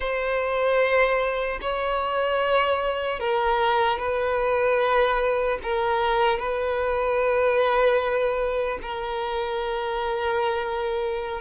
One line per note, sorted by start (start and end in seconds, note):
0.00 1.59 C5
1.61 3.19 C#5
3.19 3.99 A#4
3.99 5.59 B4
5.62 6.38 A#4
6.38 8.78 B4
8.82 11.41 A#4